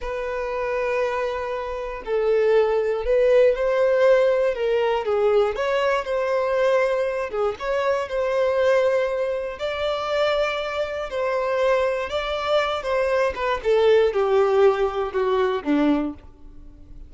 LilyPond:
\new Staff \with { instrumentName = "violin" } { \time 4/4 \tempo 4 = 119 b'1 | a'2 b'4 c''4~ | c''4 ais'4 gis'4 cis''4 | c''2~ c''8 gis'8 cis''4 |
c''2. d''4~ | d''2 c''2 | d''4. c''4 b'8 a'4 | g'2 fis'4 d'4 | }